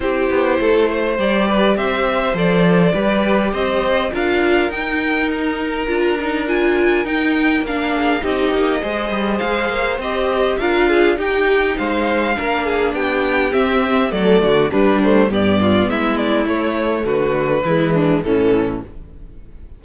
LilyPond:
<<
  \new Staff \with { instrumentName = "violin" } { \time 4/4 \tempo 4 = 102 c''2 d''4 e''4 | d''2 dis''4 f''4 | g''4 ais''2 gis''4 | g''4 f''4 dis''2 |
f''4 dis''4 f''4 g''4 | f''2 g''4 e''4 | d''4 b'8 c''8 d''4 e''8 d''8 | cis''4 b'2 a'4 | }
  \new Staff \with { instrumentName = "violin" } { \time 4/4 g'4 a'8 c''4 b'8 c''4~ | c''4 b'4 c''4 ais'4~ | ais'1~ | ais'4. gis'8 g'4 c''4~ |
c''2 ais'8 gis'8 g'4 | c''4 ais'8 gis'8 g'2 | a'8 fis'8 d'4 g'8 f'8 e'4~ | e'4 fis'4 e'8 d'8 cis'4 | }
  \new Staff \with { instrumentName = "viola" } { \time 4/4 e'2 g'2 | a'4 g'2 f'4 | dis'2 f'8 dis'8 f'4 | dis'4 d'4 dis'4 gis'4~ |
gis'4 g'4 f'4 dis'4~ | dis'4 d'2 c'4 | a4 g8 a8 b2 | a2 gis4 e4 | }
  \new Staff \with { instrumentName = "cello" } { \time 4/4 c'8 b8 a4 g4 c'4 | f4 g4 c'4 d'4 | dis'2 d'2 | dis'4 ais4 c'8 ais8 gis8 g8 |
gis8 ais8 c'4 d'4 dis'4 | gis4 ais4 b4 c'4 | fis8 d8 g4 g,4 gis4 | a4 d4 e4 a,4 | }
>>